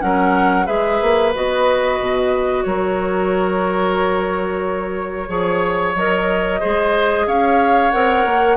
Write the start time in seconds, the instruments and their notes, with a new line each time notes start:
0.00 bassoon F#3, clarinet C#4, oboe A#4, flute F#5
0.66 bassoon G#3, clarinet G#4, oboe B4, flute E5
1.02 bassoon A#3
1.35 bassoon B3, clarinet F#4, flute D#5
2.01 bassoon B2
2.64 bassoon F#3, oboe A#4, flute C#5
5.29 bassoon F3, clarinet G#4, oboe C#5
5.95 bassoon F#3, clarinet A#4, flute D#5
6.60 bassoon G#3, clarinet G#4, oboe C5
7.27 bassoon C#4, oboe C#5, flute F5
7.91 bassoon C4, clarinet A#4, flute F#5
8.26 bassoon A#3